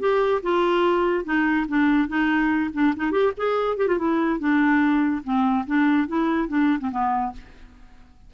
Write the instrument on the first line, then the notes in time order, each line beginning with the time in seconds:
clarinet
0.00 G4
0.43 F4
1.25 D#4
1.69 D4
2.09 D#4
2.74 D4
2.97 D#4
3.12 G4
3.37 G#4
3.77 G4
3.88 F4
3.99 E4
4.40 D4
5.24 C4
5.67 D4
6.08 E4
6.48 D4
6.81 C4
6.91 B3